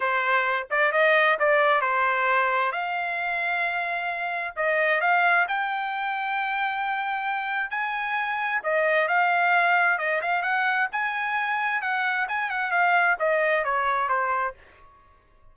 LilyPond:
\new Staff \with { instrumentName = "trumpet" } { \time 4/4 \tempo 4 = 132 c''4. d''8 dis''4 d''4 | c''2 f''2~ | f''2 dis''4 f''4 | g''1~ |
g''4 gis''2 dis''4 | f''2 dis''8 f''8 fis''4 | gis''2 fis''4 gis''8 fis''8 | f''4 dis''4 cis''4 c''4 | }